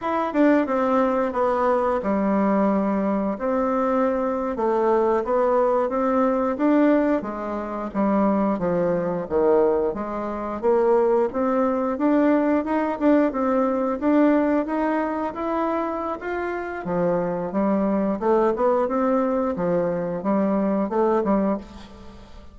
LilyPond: \new Staff \with { instrumentName = "bassoon" } { \time 4/4 \tempo 4 = 89 e'8 d'8 c'4 b4 g4~ | g4 c'4.~ c'16 a4 b16~ | b8. c'4 d'4 gis4 g16~ | g8. f4 dis4 gis4 ais16~ |
ais8. c'4 d'4 dis'8 d'8 c'16~ | c'8. d'4 dis'4 e'4~ e'16 | f'4 f4 g4 a8 b8 | c'4 f4 g4 a8 g8 | }